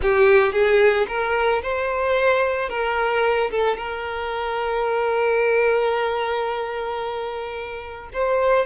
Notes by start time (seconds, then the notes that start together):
0.01 G4
0.52 G#4
1.08 A#4
1.62 C5
2.69 A#4
3.51 A4
3.77 A#4
8.13 C5